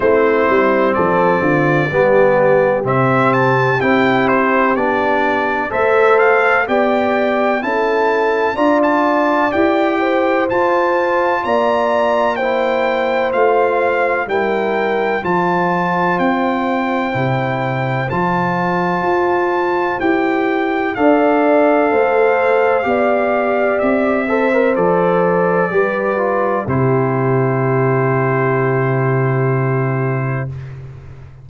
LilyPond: <<
  \new Staff \with { instrumentName = "trumpet" } { \time 4/4 \tempo 4 = 63 c''4 d''2 e''8 a''8 | g''8 c''8 d''4 e''8 f''8 g''4 | a''4 ais''16 a''8. g''4 a''4 | ais''4 g''4 f''4 g''4 |
a''4 g''2 a''4~ | a''4 g''4 f''2~ | f''4 e''4 d''2 | c''1 | }
  \new Staff \with { instrumentName = "horn" } { \time 4/4 e'4 a'8 f'8 g'2~ | g'2 c''4 d''4 | a'4 d''4. c''4. | d''4 c''2 ais'4 |
c''1~ | c''2 d''4 c''4 | d''4. c''4. b'4 | g'1 | }
  \new Staff \with { instrumentName = "trombone" } { \time 4/4 c'2 b4 c'4 | e'4 d'4 a'4 g'4 | e'4 f'4 g'4 f'4~ | f'4 e'4 f'4 e'4 |
f'2 e'4 f'4~ | f'4 g'4 a'2 | g'4. a'16 ais'16 a'4 g'8 f'8 | e'1 | }
  \new Staff \with { instrumentName = "tuba" } { \time 4/4 a8 g8 f8 d8 g4 c4 | c'4 b4 a4 b4 | cis'4 d'4 e'4 f'4 | ais2 a4 g4 |
f4 c'4 c4 f4 | f'4 e'4 d'4 a4 | b4 c'4 f4 g4 | c1 | }
>>